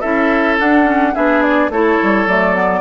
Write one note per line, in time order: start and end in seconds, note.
0.00 0.59 C#4
0.00 0.59 E4
0.00 1.12 A4
0.00 0.56 E5
0.59 0.84 D4
0.59 1.16 D4
0.59 1.15 F#5
0.84 1.12 C#4
1.14 1.69 B3
1.14 1.71 D4
1.14 1.70 G#4
1.14 1.42 E5
1.42 1.70 D5
1.69 1.97 A3
1.69 2.28 E4
1.69 2.80 A4
1.69 2.27 C#5
2.02 2.27 G3
2.27 2.80 F#3
2.27 2.54 A3
2.27 2.80 D5
2.54 2.80 B3